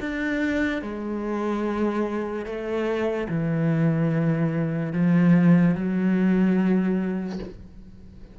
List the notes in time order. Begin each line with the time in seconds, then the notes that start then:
0.00 D4
0.81 G#3
2.45 A3
3.28 E3
4.93 F3
5.74 F#3